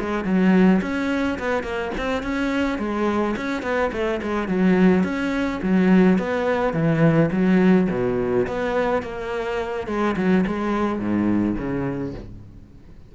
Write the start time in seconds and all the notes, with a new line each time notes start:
0.00 G#3
0.24 F#3
0.82 C#4
1.38 B3
1.63 A#3
1.98 C4
2.23 C#4
2.78 G#3
3.36 C#4
3.63 B3
3.92 A3
4.22 G#3
4.48 F#3
5.04 C#4
5.62 F#3
6.18 B3
6.73 E3
7.31 F#3
7.90 B2
8.47 B3
9.02 A#3
9.87 G#3
10.16 F#3
10.47 G#3
10.99 G#2
11.58 C#3